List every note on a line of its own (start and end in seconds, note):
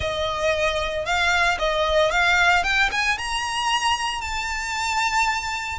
0.00 1.05 D#5
1.05 1.58 F5
1.59 2.11 D#5
2.11 2.63 F5
2.63 2.89 G5
2.91 3.18 G#5
3.18 4.21 A#5
4.21 5.78 A5